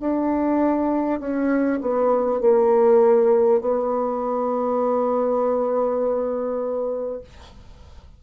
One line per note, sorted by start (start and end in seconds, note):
0.00 1.19 D4
1.19 1.79 C#4
1.81 2.41 B3
2.41 3.61 A#3
3.61 7.21 B3